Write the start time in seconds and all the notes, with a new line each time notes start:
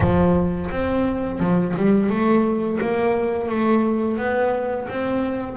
0.00 F3
0.70 C4
1.39 F3
1.76 G3
2.09 A3
2.80 A#3
3.49 A3
4.17 B3
4.88 C4